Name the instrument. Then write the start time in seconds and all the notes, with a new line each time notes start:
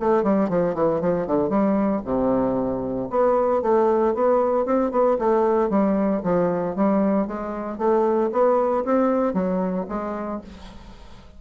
bassoon
0.00 A3
0.23 G3
0.49 F3
0.75 E3
1.01 F3
1.27 D3
1.49 G3
2.05 C3
3.10 B3
3.62 A3
4.15 B3
4.66 C4
4.91 B3
5.19 A3
5.70 G3
6.23 F3
6.76 G3
7.27 G#3
7.78 A3
8.32 B3
8.85 C4
9.34 F#3
9.89 G#3